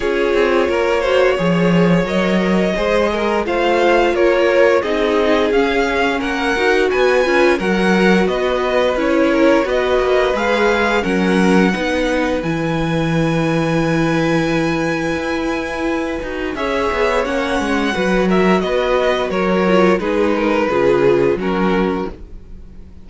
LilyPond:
<<
  \new Staff \with { instrumentName = "violin" } { \time 4/4 \tempo 4 = 87 cis''2. dis''4~ | dis''4 f''4 cis''4 dis''4 | f''4 fis''4 gis''4 fis''4 | dis''4 cis''4 dis''4 f''4 |
fis''2 gis''2~ | gis''1 | e''4 fis''4. e''8 dis''4 | cis''4 b'2 ais'4 | }
  \new Staff \with { instrumentName = "violin" } { \time 4/4 gis'4 ais'8 c''8 cis''2 | c''8 ais'8 c''4 ais'4 gis'4~ | gis'4 ais'4 b'4 ais'4 | b'4. ais'8 b'2 |
ais'4 b'2.~ | b'1 | cis''2 b'8 ais'8 b'4 | ais'4 gis'8 ais'8 gis'4 fis'4 | }
  \new Staff \with { instrumentName = "viola" } { \time 4/4 f'4. fis'8 gis'4 ais'4 | gis'4 f'2 dis'4 | cis'4. fis'4 f'8 fis'4~ | fis'4 e'4 fis'4 gis'4 |
cis'4 dis'4 e'2~ | e'2.~ e'8 fis'8 | gis'4 cis'4 fis'2~ | fis'8 f'8 dis'4 f'4 cis'4 | }
  \new Staff \with { instrumentName = "cello" } { \time 4/4 cis'8 c'8 ais4 f4 fis4 | gis4 a4 ais4 c'4 | cis'4 ais8 dis'8 b8 cis'8 fis4 | b4 cis'4 b8 ais8 gis4 |
fis4 b4 e2~ | e2 e'4. dis'8 | cis'8 b8 ais8 gis8 fis4 b4 | fis4 gis4 cis4 fis4 | }
>>